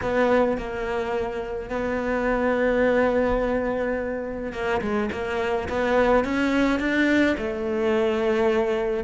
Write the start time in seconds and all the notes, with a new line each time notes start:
0.02 B3
0.57 A#3
1.69 B3
4.52 A#3
4.81 G#3
5.11 A#3
5.68 B3
6.24 C#4
6.79 D4
7.37 A3